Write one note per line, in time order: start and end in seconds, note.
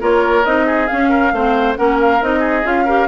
0.00 0.45 A#3
0.00 0.44 F4
0.00 0.66 A#4
0.00 0.45 C#5
0.44 0.89 C4
0.44 0.89 D#4
0.44 0.87 D#5
0.66 1.09 G#4
0.87 1.33 C#4
0.87 1.32 C#4
0.87 1.75 F5
1.09 1.31 A#4
1.32 1.76 A3
1.32 1.76 C4
1.32 1.78 C5
1.76 2.21 A#3
1.76 2.20 C#4
1.76 2.39 A#4
1.76 1.98 F#5
2.01 2.22 F5
2.21 2.64 C4
2.21 2.63 D#4
2.21 2.66 D#5
2.39 2.83 G#4
2.63 3.08 C#4
2.63 2.85 F4
2.63 3.08 F5
2.85 3.08 G4
2.85 3.07 A#4